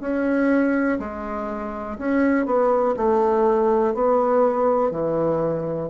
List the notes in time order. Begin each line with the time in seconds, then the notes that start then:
0.00 C#4
0.99 G#3
1.98 C#4
2.45 B3
2.96 A3
3.94 B3
4.91 E3